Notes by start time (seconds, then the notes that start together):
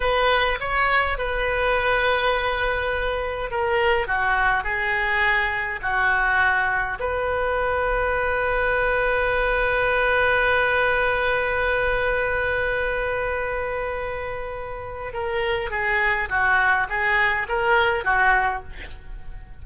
0.00 B4
0.60 C#5
1.18 B4
3.51 A#4
4.07 F#4
4.63 G#4
5.81 F#4
6.99 B4
15.13 A#4
15.70 G#4
16.29 F#4
16.89 G#4
17.48 A#4
18.04 F#4